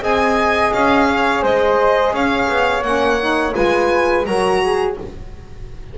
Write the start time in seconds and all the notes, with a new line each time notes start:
0.00 C4 G#4 D#5 G#5
0.73 C#4 F5
1.09 C#5
1.43 G#3 C5 D#5
2.13 C#4 C#5 F5
2.49 B3
2.83 A#3 C#4 F#5
3.21 D#4
3.53 G#3 F4 B4 G#5
4.26 F#3 F#4 A#4 A#5
4.63 G#4